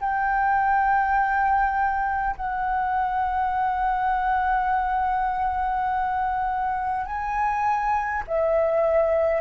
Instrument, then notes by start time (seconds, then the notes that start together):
flute
0.00 G5
2.36 F#5
7.05 G#5
8.27 E5